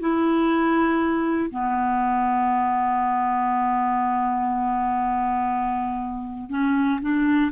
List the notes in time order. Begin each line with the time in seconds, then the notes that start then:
0.00 E4
1.50 B3
6.50 C#4
7.01 D4